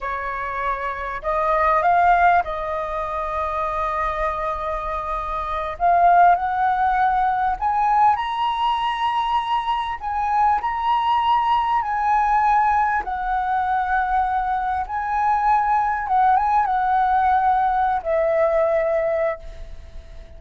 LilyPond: \new Staff \with { instrumentName = "flute" } { \time 4/4 \tempo 4 = 99 cis''2 dis''4 f''4 | dis''1~ | dis''4. f''4 fis''4.~ | fis''8 gis''4 ais''2~ ais''8~ |
ais''8 gis''4 ais''2 gis''8~ | gis''4. fis''2~ fis''8~ | fis''8 gis''2 fis''8 gis''8 fis''8~ | fis''4.~ fis''16 e''2~ e''16 | }